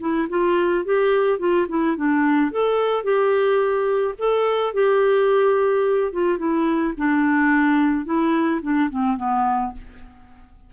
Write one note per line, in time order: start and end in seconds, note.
0.00 0.28 E4
0.29 0.84 F4
0.84 1.39 G4
1.39 1.66 F4
1.68 1.96 E4
1.96 2.51 D4
2.51 3.03 A4
3.03 4.14 G4
4.18 4.73 A4
4.73 6.12 G4
6.12 6.38 F4
6.38 6.93 E4
6.97 8.05 D4
8.05 8.61 E4
8.62 8.90 D4
8.90 9.17 C4
9.17 9.72 B3